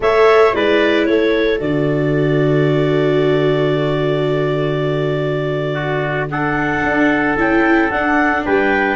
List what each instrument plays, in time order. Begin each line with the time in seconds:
0.00 tuba A3, viola A4, trumpet C#5, clarinet E5
0.54 tuba G#3, viola E4, trumpet B4, clarinet D5
1.05 tuba A3, trumpet A4, clarinet C#5
1.58 tuba D3, viola F#4, clarinet D5
5.74 trumpet F#4
6.30 viola D4, trumpet A4, clarinet F#5
6.83 tuba D4
7.37 tuba C#4, viola E4, clarinet G5
7.90 tuba D4, viola D4, clarinet F#5
8.44 tuba G3, trumpet B4, clarinet G5